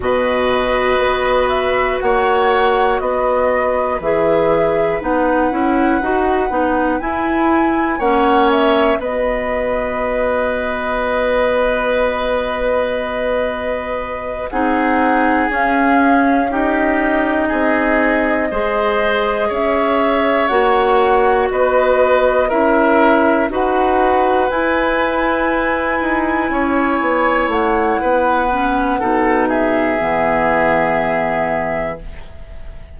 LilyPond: <<
  \new Staff \with { instrumentName = "flute" } { \time 4/4 \tempo 4 = 60 dis''4. e''8 fis''4 dis''4 | e''4 fis''2 gis''4 | fis''8 e''8 dis''2.~ | dis''2~ dis''8 fis''4 f''8~ |
f''8 dis''2. e''8~ | e''8 fis''4 dis''4 e''4 fis''8~ | fis''8 gis''2. fis''8~ | fis''4. e''2~ e''8 | }
  \new Staff \with { instrumentName = "oboe" } { \time 4/4 b'2 cis''4 b'4~ | b'1 | cis''4 b'2.~ | b'2~ b'8 gis'4.~ |
gis'8 g'4 gis'4 c''4 cis''8~ | cis''4. b'4 ais'4 b'8~ | b'2~ b'8 cis''4. | b'4 a'8 gis'2~ gis'8 | }
  \new Staff \with { instrumentName = "clarinet" } { \time 4/4 fis'1 | gis'4 dis'8 e'8 fis'8 dis'8 e'4 | cis'4 fis'2.~ | fis'2~ fis'8 dis'4 cis'8~ |
cis'8 dis'2 gis'4.~ | gis'8 fis'2 e'4 fis'8~ | fis'8 e'2.~ e'8~ | e'8 cis'8 dis'4 b2 | }
  \new Staff \with { instrumentName = "bassoon" } { \time 4/4 b,4 b4 ais4 b4 | e4 b8 cis'8 dis'8 b8 e'4 | ais4 b2.~ | b2~ b8 c'4 cis'8~ |
cis'4. c'4 gis4 cis'8~ | cis'8 ais4 b4 cis'4 dis'8~ | dis'8 e'4. dis'8 cis'8 b8 a8 | b4 b,4 e2 | }
>>